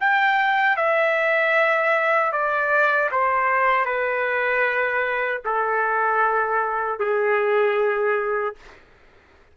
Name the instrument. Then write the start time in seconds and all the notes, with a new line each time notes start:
trumpet
0.00 G5
0.77 E5
2.32 D5
3.11 C5
3.86 B4
5.45 A4
7.00 G#4